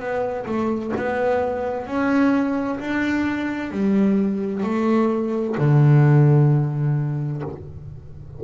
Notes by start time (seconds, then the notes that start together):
0.00 B3
0.46 A3
0.97 B3
1.87 C#4
2.80 D4
3.71 G3
4.64 A3
5.58 D3